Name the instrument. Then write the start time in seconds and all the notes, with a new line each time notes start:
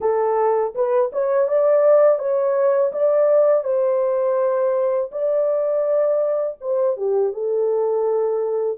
horn
0.00 A4
0.74 B4
1.12 C#5
1.48 D5
2.18 C#5
2.92 D5
3.64 C5
5.11 D5
6.61 C5
6.96 G4
7.32 A4